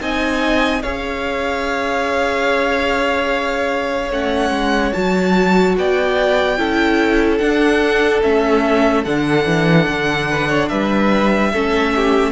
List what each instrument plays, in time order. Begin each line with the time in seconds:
0.00 cello C4, viola D#4, violin D#5 G#5
0.82 cello C#4, viola G#4, violin C#5 F5
4.10 cello A3, viola C#4, violin F#5
4.50 cello G#3
4.93 cello F#3, viola F#4, violin A5
5.77 cello B3, violin D5 G5
6.57 cello C#4, viola E4, violin A4
7.38 viola D4, cello D4, violin F#5
8.22 cello A3, viola C#4, violin E5
9.04 cello D3, viola D4, violin F#5
9.46 cello E3
9.88 cello D3
10.29 violin B4
10.48 violin C#5
10.68 cello G3, violin B4 E5
11.52 cello A3, viola C#4, violin A4
11.95 violin G4